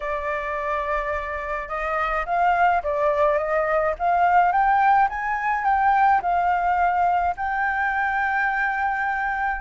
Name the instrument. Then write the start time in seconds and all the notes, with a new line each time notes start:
flute
0.00 D5
1.68 D#5
2.25 F5
2.83 D5
3.38 D#5
3.99 F5
4.52 G5
5.09 G#5
5.64 G5
6.22 F5
7.37 G5